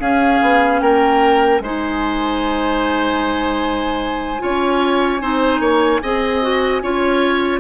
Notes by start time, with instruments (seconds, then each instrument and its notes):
0.00 bassoon C#4, clarinet C#4, oboe G#4, flute F5
0.42 bassoon B3
0.80 bassoon A#3, oboe A#4, flute G5
1.59 bassoon G#3, clarinet D#4, oboe C5, flute G#5
4.39 bassoon C#4, clarinet F4, oboe C#5
5.21 bassoon C4, clarinet D#4, oboe C5
5.60 bassoon A#3, oboe C#5
6.03 bassoon C4, clarinet G#4, oboe D#5
6.42 clarinet F#4
6.82 bassoon C#4, clarinet F4, oboe C#5